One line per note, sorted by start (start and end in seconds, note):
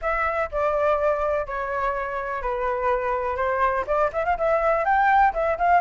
0.01 0.50 E5
0.51 1.46 D5
1.46 2.41 C#5
2.41 3.36 B4
3.36 3.85 C5
3.86 4.10 D5
4.13 4.25 E5
4.25 4.37 F5
4.37 4.85 E5
4.85 5.33 G5
5.33 5.57 E5
5.58 5.81 F5